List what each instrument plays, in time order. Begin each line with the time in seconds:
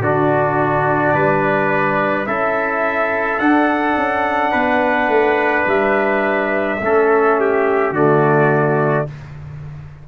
0.00 tuba D3, trombone D4, trumpet F#4 D5
1.14 tuba G3, trumpet B4
2.25 tuba C#4, trombone E4, trumpet A4 E5
3.39 tuba D4, trombone D4, trumpet F#5
3.96 tuba C#4
4.51 tuba B3, trumpet B4
5.08 tuba A3
5.66 tuba G3, trumpet E5
6.81 tuba A3, trombone C#4, trumpet A4
7.40 trumpet G4
7.91 tuba D3, trombone A3, trumpet F#4 D5